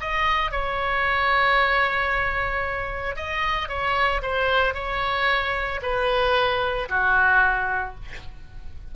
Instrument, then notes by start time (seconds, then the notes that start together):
oboe
0.00 D#5
0.51 C#5
3.16 D#5
3.68 C#5
4.22 C5
4.74 C#5
5.82 B4
6.89 F#4